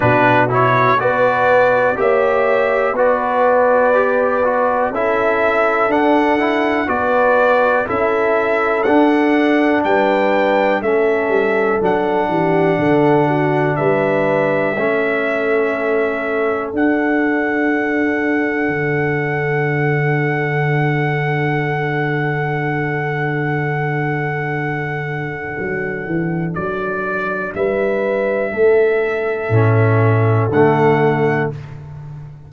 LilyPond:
<<
  \new Staff \with { instrumentName = "trumpet" } { \time 4/4 \tempo 4 = 61 b'8 cis''8 d''4 e''4 d''4~ | d''4 e''4 fis''4 d''4 | e''4 fis''4 g''4 e''4 | fis''2 e''2~ |
e''4 fis''2.~ | fis''1~ | fis''2. d''4 | e''2. fis''4 | }
  \new Staff \with { instrumentName = "horn" } { \time 4/4 fis'4 b'4 cis''4 b'4~ | b'4 a'2 b'4 | a'2 b'4 a'4~ | a'8 g'8 a'8 fis'8 b'4 a'4~ |
a'1~ | a'1~ | a'1 | b'4 a'2. | }
  \new Staff \with { instrumentName = "trombone" } { \time 4/4 d'8 e'8 fis'4 g'4 fis'4 | g'8 fis'8 e'4 d'8 e'8 fis'4 | e'4 d'2 cis'4 | d'2. cis'4~ |
cis'4 d'2.~ | d'1~ | d'1~ | d'2 cis'4 a4 | }
  \new Staff \with { instrumentName = "tuba" } { \time 4/4 b,4 b4 ais4 b4~ | b4 cis'4 d'4 b4 | cis'4 d'4 g4 a8 g8 | fis8 e8 d4 g4 a4~ |
a4 d'2 d4~ | d1~ | d2 fis8 e8 fis4 | g4 a4 a,4 d4 | }
>>